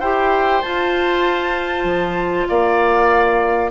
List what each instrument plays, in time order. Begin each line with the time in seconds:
0.00 bassoon E4, clarinet G4, oboe C5, flute G5
0.62 clarinet F4, bassoon F4, flute A5
1.84 bassoon F3
2.48 bassoon A#3, oboe D5, flute F5